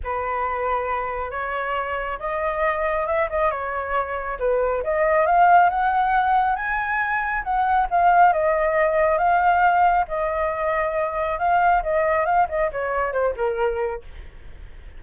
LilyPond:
\new Staff \with { instrumentName = "flute" } { \time 4/4 \tempo 4 = 137 b'2. cis''4~ | cis''4 dis''2 e''8 dis''8 | cis''2 b'4 dis''4 | f''4 fis''2 gis''4~ |
gis''4 fis''4 f''4 dis''4~ | dis''4 f''2 dis''4~ | dis''2 f''4 dis''4 | f''8 dis''8 cis''4 c''8 ais'4. | }